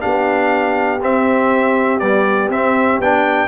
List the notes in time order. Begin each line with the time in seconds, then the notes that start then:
0.00 B3 D4 G4 F5
1.01 C4 E5
1.99 G3 B3 D5
2.49 C4 E5
2.99 B3 D4 G5